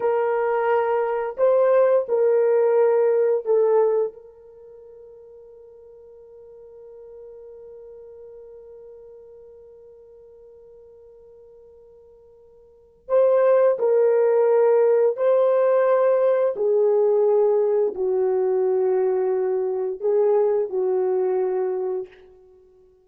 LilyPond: \new Staff \with { instrumentName = "horn" } { \time 4/4 \tempo 4 = 87 ais'2 c''4 ais'4~ | ais'4 a'4 ais'2~ | ais'1~ | ais'1~ |
ais'2. c''4 | ais'2 c''2 | gis'2 fis'2~ | fis'4 gis'4 fis'2 | }